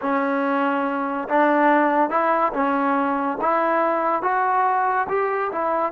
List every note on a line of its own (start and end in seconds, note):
0.01 1.28 C#4
1.29 2.10 D4
2.10 2.52 E4
2.53 3.38 C#4
3.41 4.22 E4
4.22 5.07 F#4
5.09 5.51 G4
5.52 5.92 E4